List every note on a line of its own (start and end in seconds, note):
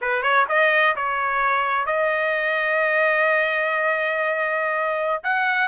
0.01 0.22 B4
0.22 0.45 C#5
0.49 0.95 D#5
0.95 1.86 C#5
1.86 5.23 D#5
5.23 5.68 F#5